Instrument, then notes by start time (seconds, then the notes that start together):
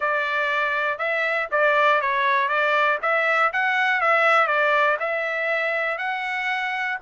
trumpet
0.00 D5
0.98 E5
1.51 D5
2.01 C#5
2.48 D5
3.02 E5
3.52 F#5
4.00 E5
4.47 D5
4.99 E5
5.97 F#5